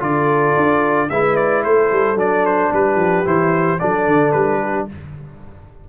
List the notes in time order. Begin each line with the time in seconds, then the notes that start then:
0.00 D3 F4 A4 D5
0.56 D4
1.09 G#3 E4 B4 E5
1.36 D5
1.64 A3 A4 C5
1.92 G3
2.15 F#3 D4 D5
2.46 C5
2.72 G3 G4 B4
2.95 F3
3.25 E3 E4 C5
3.79 F#3 D4 A4 D5
4.07 D3
4.32 G3 B4
4.61 G4